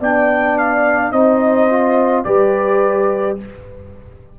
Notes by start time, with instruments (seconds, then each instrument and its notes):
0.00 tuba B3, trombone D4, horn D5, trumpet G5
0.58 trumpet F5
1.12 tuba C4, trombone D#4, horn C5, trumpet D#5
1.69 trombone F4
2.24 tuba G3, trombone G4, horn B4, trumpet D5